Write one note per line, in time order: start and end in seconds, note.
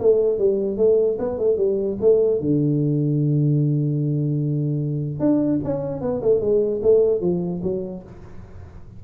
0.00 0.39 A3
0.39 0.77 G3
0.77 1.18 A3
1.19 1.39 B3
1.39 1.57 A3
1.57 1.98 G3
2.01 2.41 A3
2.41 5.20 D3
5.20 5.60 D4
5.64 6.01 C#4
6.01 6.21 B3
6.22 6.41 A3
6.41 6.81 G#3
6.83 7.21 A3
7.21 7.61 F3
7.63 8.03 F#3